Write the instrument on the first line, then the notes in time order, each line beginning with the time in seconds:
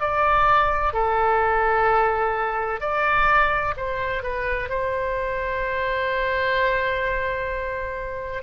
oboe
0.00 D5
0.93 A4
2.80 D5
3.77 C5
4.23 B4
4.69 C5